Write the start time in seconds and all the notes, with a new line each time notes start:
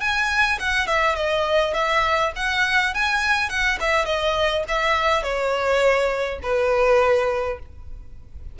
0.00 G#5
0.59 F#5
0.87 E5
1.15 D#5
1.74 E5
2.36 F#5
2.94 G#5
3.49 F#5
3.80 E5
4.05 D#5
4.68 E5
5.23 C#5
6.42 B4